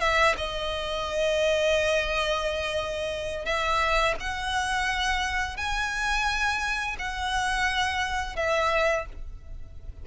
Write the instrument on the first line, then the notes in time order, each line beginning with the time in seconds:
violin
0.00 E5
0.37 D#5
3.45 E5
4.20 F#5
5.57 G#5
6.99 F#5
8.36 E5